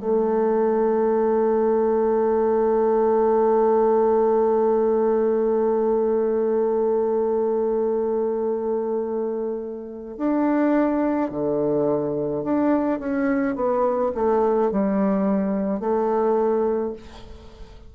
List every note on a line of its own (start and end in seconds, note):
0.00 10.17 A3
10.17 11.31 D4
11.31 12.44 D3
12.44 13.00 D4
13.00 13.55 C#4
13.55 14.12 B3
14.15 14.71 A3
14.72 15.80 G3
15.80 16.93 A3